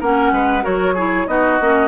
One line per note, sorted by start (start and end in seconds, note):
0.00 0.32 A#3
0.00 0.62 C#4
0.00 0.32 A#4
0.00 0.65 F#5
0.32 0.64 G#3
0.32 0.63 B4
0.62 1.27 F#3
0.62 0.94 F#4
0.62 0.94 A#4
0.62 1.27 C#5
0.94 1.27 E4
0.94 1.26 G#4
1.27 1.59 B3
1.27 1.59 D#4
1.27 1.88 F#4
1.27 1.88 D#5
1.60 1.88 A#3
1.60 1.88 C#4